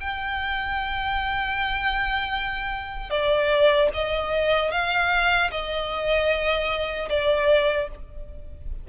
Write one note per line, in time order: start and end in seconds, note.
0.00 3.10 G5
3.10 3.89 D5
3.94 4.71 D#5
4.71 5.50 F5
5.50 7.08 D#5
7.09 7.88 D5